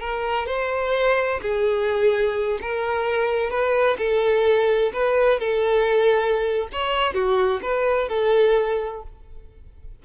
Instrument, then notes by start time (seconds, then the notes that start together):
violin
0.00 A#4
0.46 C5
1.42 G#4
2.61 A#4
3.50 B4
3.98 A4
4.93 B4
5.39 A4
6.72 C#5
7.14 F#4
7.62 B4
8.09 A4